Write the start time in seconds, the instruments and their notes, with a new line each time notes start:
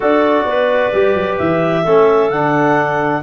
0.00 tuba D4, trombone F#4, clarinet A4 D5
0.45 tuba B3, clarinet B4
0.93 tuba G3, trombone G4
1.15 tuba F#3
1.38 tuba E3, clarinet E5
1.83 tuba A3, trombone C#4, clarinet A4
2.30 tuba D3, trombone D4, clarinet F#5